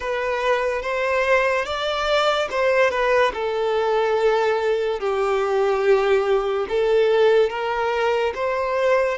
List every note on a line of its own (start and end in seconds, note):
0.00 0.82 B4
0.82 1.65 C5
1.65 2.48 D5
2.50 2.90 C5
2.90 3.32 B4
3.33 4.99 A4
4.99 6.66 G4
6.68 7.49 A4
7.49 8.33 A#4
8.34 9.17 C5